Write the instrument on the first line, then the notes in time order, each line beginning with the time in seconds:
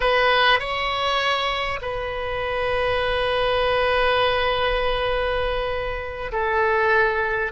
oboe
0.00 B4
0.59 C#5
1.81 B4
6.32 A4